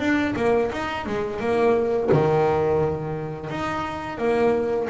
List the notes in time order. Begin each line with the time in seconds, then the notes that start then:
0.00 D4
0.36 A#3
0.73 D#4
1.07 G#3
1.40 A#3
2.12 D#3
3.50 D#4
4.18 A#3